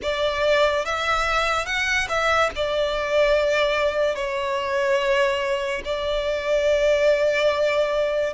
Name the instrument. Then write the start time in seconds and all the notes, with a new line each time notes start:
violin
0.02 D5
0.85 E5
1.66 F#5
2.08 E5
2.55 D5
4.15 C#5
5.84 D5